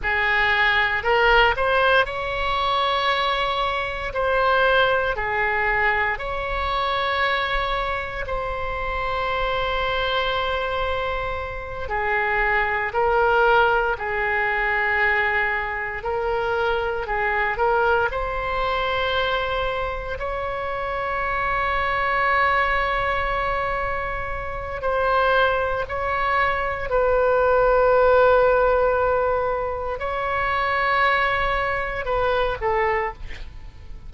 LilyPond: \new Staff \with { instrumentName = "oboe" } { \time 4/4 \tempo 4 = 58 gis'4 ais'8 c''8 cis''2 | c''4 gis'4 cis''2 | c''2.~ c''8 gis'8~ | gis'8 ais'4 gis'2 ais'8~ |
ais'8 gis'8 ais'8 c''2 cis''8~ | cis''1 | c''4 cis''4 b'2~ | b'4 cis''2 b'8 a'8 | }